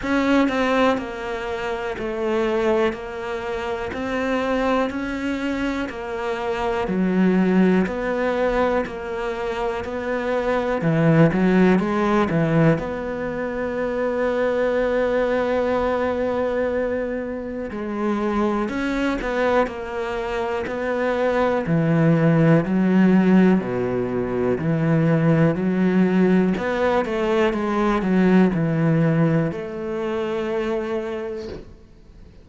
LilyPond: \new Staff \with { instrumentName = "cello" } { \time 4/4 \tempo 4 = 61 cis'8 c'8 ais4 a4 ais4 | c'4 cis'4 ais4 fis4 | b4 ais4 b4 e8 fis8 | gis8 e8 b2.~ |
b2 gis4 cis'8 b8 | ais4 b4 e4 fis4 | b,4 e4 fis4 b8 a8 | gis8 fis8 e4 a2 | }